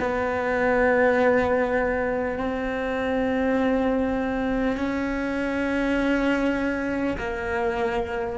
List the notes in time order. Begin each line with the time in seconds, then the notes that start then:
0.00 B3
2.38 C4
4.77 C#4
7.18 A#3